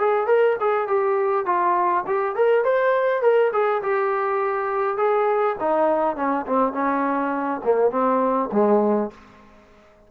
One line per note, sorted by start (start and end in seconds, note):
0.00 0.27 G#4
0.27 0.57 A#4
0.61 0.88 G#4
0.88 1.46 G4
1.46 2.05 F4
2.07 2.36 G4
2.36 2.65 A#4
2.65 3.22 C5
3.22 3.52 A#4
3.53 3.83 G#4
3.83 4.98 G4
4.98 5.57 G#4
5.60 6.17 D#4
6.17 6.46 C#4
6.47 6.73 C4
6.73 7.61 C#4
7.64 7.91 A#3
7.91 8.50 C4
8.53 9.11 G#3